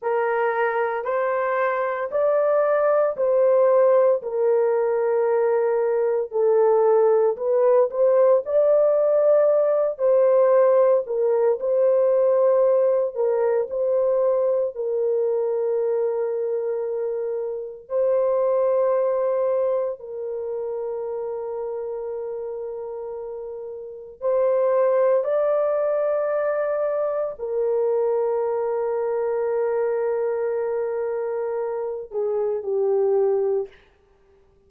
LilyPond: \new Staff \with { instrumentName = "horn" } { \time 4/4 \tempo 4 = 57 ais'4 c''4 d''4 c''4 | ais'2 a'4 b'8 c''8 | d''4. c''4 ais'8 c''4~ | c''8 ais'8 c''4 ais'2~ |
ais'4 c''2 ais'4~ | ais'2. c''4 | d''2 ais'2~ | ais'2~ ais'8 gis'8 g'4 | }